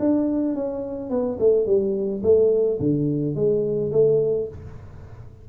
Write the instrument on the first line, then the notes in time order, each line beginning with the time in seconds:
tuba
0.00 D4
0.55 C#4
1.10 B3
1.40 A3
1.66 G3
2.23 A3
2.80 D3
3.36 G#3
3.92 A3